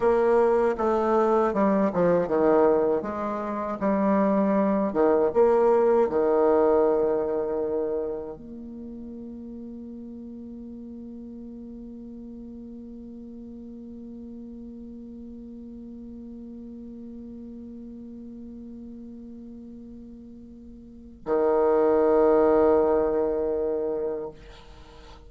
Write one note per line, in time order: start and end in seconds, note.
0.00 0.75 A#3
0.77 1.53 A3
1.53 1.91 G3
1.93 2.27 F3
2.27 3.02 D#3
3.02 3.78 G#3
3.80 4.93 G3
4.93 5.31 D#3
5.33 6.09 A#3
6.09 8.37 D#3
8.37 21.25 A#3
21.25 24.29 D#3